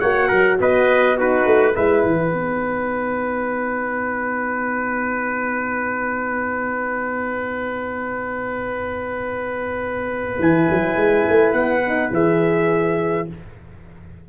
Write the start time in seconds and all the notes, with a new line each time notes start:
0.00 A#3 F#4 C#5 F#5
0.28 F#3 A#4
0.60 B3 B4 D#5
1.17 D#4 F#4 B4
1.46 A3
1.75 G#3 E4 B4 E5
2.03 E3 F#5
2.32 B3 D#4
10.39 E3 E4 G#5
10.69 F#3
10.96 G#3
11.29 A3
11.53 B3 F#5
11.87 D#4
12.12 E3 G#4 E5